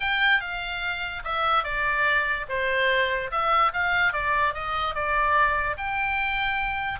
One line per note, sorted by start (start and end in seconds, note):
0.00 0.40 G5
0.40 1.22 F5
1.24 1.63 E5
1.63 2.46 D5
2.48 3.30 C5
3.31 3.72 E5
3.73 4.12 F5
4.12 4.54 D5
4.54 4.94 D#5
4.94 5.76 D5
5.77 6.99 G5